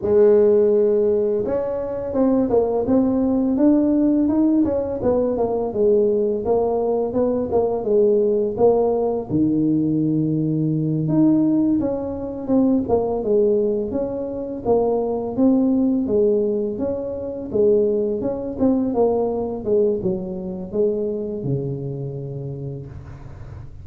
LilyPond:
\new Staff \with { instrumentName = "tuba" } { \time 4/4 \tempo 4 = 84 gis2 cis'4 c'8 ais8 | c'4 d'4 dis'8 cis'8 b8 ais8 | gis4 ais4 b8 ais8 gis4 | ais4 dis2~ dis8 dis'8~ |
dis'8 cis'4 c'8 ais8 gis4 cis'8~ | cis'8 ais4 c'4 gis4 cis'8~ | cis'8 gis4 cis'8 c'8 ais4 gis8 | fis4 gis4 cis2 | }